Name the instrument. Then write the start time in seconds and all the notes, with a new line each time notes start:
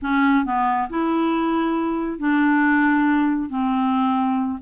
clarinet
0.02 C#4
0.45 B3
0.89 E4
2.18 D4
3.49 C4